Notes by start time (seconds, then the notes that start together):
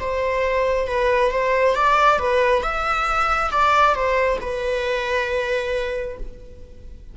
0.00 C5
0.87 B4
1.31 C5
1.75 D5
2.19 B4
2.63 E5
3.51 D5
3.95 C5
4.41 B4